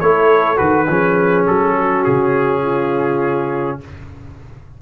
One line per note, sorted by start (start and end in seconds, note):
0.00 0.59 A3
0.00 0.56 E4
0.00 0.89 A4
0.00 0.57 C#5
0.56 0.88 D#3
0.56 0.85 F#4
0.56 1.45 B4
0.88 1.47 F3
0.88 3.81 C#4
0.88 1.76 G#4
1.47 2.06 F#3
1.47 2.04 A4
1.76 2.62 F#4
2.04 3.81 C#3
2.04 3.79 G#4
2.62 3.78 F4